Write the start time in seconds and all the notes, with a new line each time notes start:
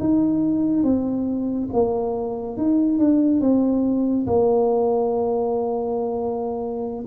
0.00 D#4
0.84 C4
1.73 A#3
2.58 D#4
2.99 D4
3.41 C4
4.27 A#3